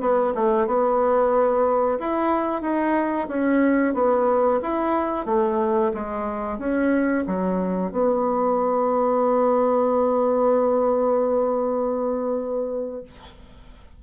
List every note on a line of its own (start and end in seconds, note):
0.00 0.33 B3
0.34 0.67 A3
0.67 1.98 B3
1.99 2.61 E4
2.61 3.27 D#4
3.28 3.94 C#4
3.94 4.60 B3
4.62 5.25 E4
5.25 5.91 A3
5.94 6.58 G#3
6.58 7.24 C#4
7.26 7.91 F#3
7.91 13.02 B3